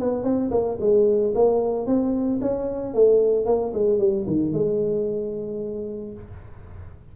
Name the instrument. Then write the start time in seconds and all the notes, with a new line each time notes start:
tuba
0.00 B3
0.24 C4
0.51 A#3
0.80 G#3
1.35 A#3
1.87 C4
2.42 C#4
2.94 A3
3.46 A#3
3.74 G#3
3.99 G3
4.27 D#3
4.53 G#3